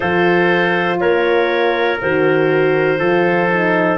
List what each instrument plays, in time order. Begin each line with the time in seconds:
0.00 tuba F3, horn F4, trumpet A4, clarinet C5
1.00 tuba A#3, trumpet A#4, clarinet C#5
2.01 tuba D#3, horn F#4, clarinet C5
2.99 tuba F3, horn F4, trumpet A4
3.50 horn D#4